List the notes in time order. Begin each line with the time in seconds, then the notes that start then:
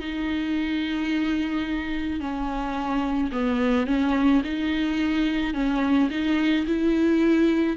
0.00 D#4
2.21 C#4
3.32 B3
3.87 C#4
4.44 D#4
5.55 C#4
6.11 D#4
6.67 E4